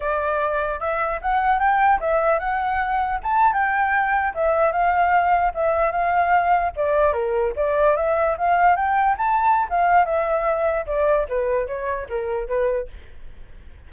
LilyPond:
\new Staff \with { instrumentName = "flute" } { \time 4/4 \tempo 4 = 149 d''2 e''4 fis''4 | g''4 e''4 fis''2 | a''8. g''2 e''4 f''16~ | f''4.~ f''16 e''4 f''4~ f''16~ |
f''8. d''4 ais'4 d''4 e''16~ | e''8. f''4 g''4 a''4~ a''16 | f''4 e''2 d''4 | b'4 cis''4 ais'4 b'4 | }